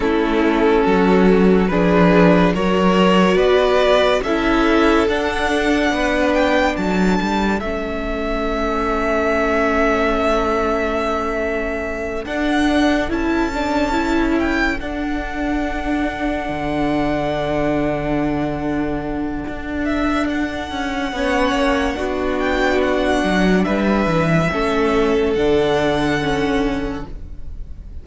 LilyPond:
<<
  \new Staff \with { instrumentName = "violin" } { \time 4/4 \tempo 4 = 71 a'2 b'4 cis''4 | d''4 e''4 fis''4. g''8 | a''4 e''2.~ | e''2~ e''8 fis''4 a''8~ |
a''4 g''8 fis''2~ fis''8~ | fis''2.~ fis''8 e''8 | fis''2~ fis''8 g''8 fis''4 | e''2 fis''2 | }
  \new Staff \with { instrumentName = "violin" } { \time 4/4 e'4 fis'4 gis'4 ais'4 | b'4 a'2 b'4 | a'1~ | a'1~ |
a'1~ | a'1~ | a'4 cis''4 fis'2 | b'4 a'2. | }
  \new Staff \with { instrumentName = "viola" } { \time 4/4 cis'2 d'4 fis'4~ | fis'4 e'4 d'2~ | d'4 cis'2.~ | cis'2~ cis'8 d'4 e'8 |
d'8 e'4 d'2~ d'8~ | d'1~ | d'4 cis'4 d'2~ | d'4 cis'4 d'4 cis'4 | }
  \new Staff \with { instrumentName = "cello" } { \time 4/4 a4 fis4 f4 fis4 | b4 cis'4 d'4 b4 | fis8 g8 a2.~ | a2~ a8 d'4 cis'8~ |
cis'4. d'2 d8~ | d2. d'4~ | d'8 cis'8 b8 ais8 b4. fis8 | g8 e8 a4 d2 | }
>>